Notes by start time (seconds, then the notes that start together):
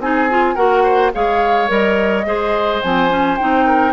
0.00 C4 D#4 G#4 G#5
0.30 F4
0.55 A#3 F#4 A#4 F#5
0.83 C5
1.14 G#3 G#4 C#5 F5
1.68 G3 A#4 D#5
2.26 G#3 G#4 C5
2.82 F3 C4 G#5
3.10 C#4
3.38 C4 D#4 G5
3.66 A#4